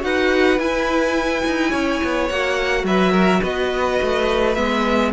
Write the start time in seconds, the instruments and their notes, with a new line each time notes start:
0.00 cello D#4, viola F#4, violin B4 F#5
0.59 cello E4, viola E4, violin G#5
1.47 cello D#4
1.70 cello C#4, violin C#5
2.04 cello B3
2.29 cello A#3, viola F#4, violin F#5
2.84 cello F#3, violin B4 E5
3.12 violin A#4
3.41 cello B3, violin B4 D#5
4.02 cello A3
4.54 cello G#3, viola B3, violin E5